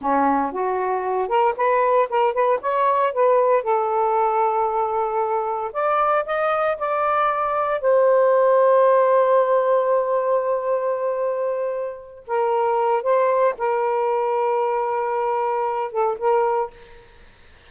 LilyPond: \new Staff \with { instrumentName = "saxophone" } { \time 4/4 \tempo 4 = 115 cis'4 fis'4. ais'8 b'4 | ais'8 b'8 cis''4 b'4 a'4~ | a'2. d''4 | dis''4 d''2 c''4~ |
c''1~ | c''2.~ c''8 ais'8~ | ais'4 c''4 ais'2~ | ais'2~ ais'8 a'8 ais'4 | }